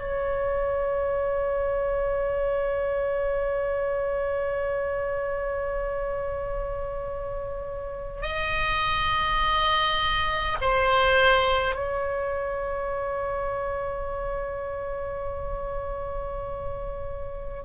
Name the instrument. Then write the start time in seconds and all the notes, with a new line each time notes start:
oboe
0.00 C#5
8.22 D#5
10.61 C5
11.75 C#5